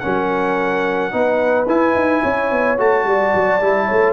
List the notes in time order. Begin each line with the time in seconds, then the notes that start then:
0.00 F#3 C#4 A#4 F#5
1.12 B3 D#4 B4
1.67 E4 G#5
1.95 D#4
2.22 C#4 C#5
2.51 B3
2.78 A3 F#4 A5
3.05 G3 D5
3.35 F#3
3.62 G3 E4
3.87 A3 C#5